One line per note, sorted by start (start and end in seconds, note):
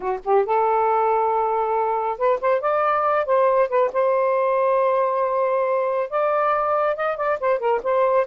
0.00 0.19 F#4
0.24 0.45 G4
0.45 2.17 A4
2.17 2.39 B4
2.41 2.60 C5
2.60 3.25 D5
3.25 3.69 C5
3.69 3.90 B4
3.92 6.10 C5
6.10 6.96 D5
6.96 7.16 D#5
7.16 7.38 D5
7.40 7.59 C5
7.59 7.80 A#4
7.83 8.26 C5